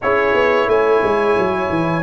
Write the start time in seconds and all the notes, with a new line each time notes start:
0.02 C#4 E4 G#4 C#5
0.33 B3
0.67 A3 C#5 G#5
1.03 G#3
1.37 F#3
1.69 E3